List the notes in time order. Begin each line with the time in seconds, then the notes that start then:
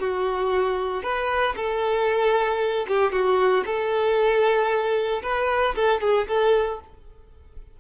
0.00 F#4
1.03 B4
1.56 A4
2.88 G4
3.12 F#4
3.66 A4
5.23 B4
5.76 A4
6.01 G#4
6.28 A4